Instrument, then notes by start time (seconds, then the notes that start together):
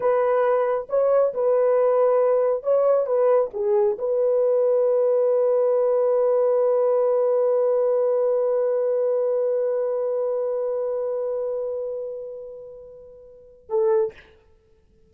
horn
0.00 B4
0.89 C#5
1.34 B4
2.63 C#5
3.06 B4
3.53 G#4
3.98 B4
13.69 A4